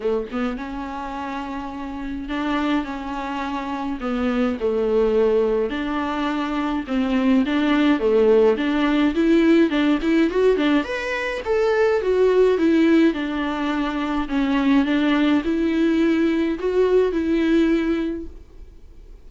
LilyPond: \new Staff \with { instrumentName = "viola" } { \time 4/4 \tempo 4 = 105 a8 b8 cis'2. | d'4 cis'2 b4 | a2 d'2 | c'4 d'4 a4 d'4 |
e'4 d'8 e'8 fis'8 d'8 b'4 | a'4 fis'4 e'4 d'4~ | d'4 cis'4 d'4 e'4~ | e'4 fis'4 e'2 | }